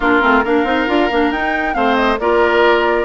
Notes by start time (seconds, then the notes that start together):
0.00 A#3 D4 F4 A#4
0.21 A3 C4
0.43 A#3 D4 A#4 F5
0.64 C4 D#4
0.87 D4 F4
1.11 A#3 D4
1.31 D#4 G5
1.73 A3 C4 C5 F5
1.95 D#5
2.18 A#3 F4 A#4 D5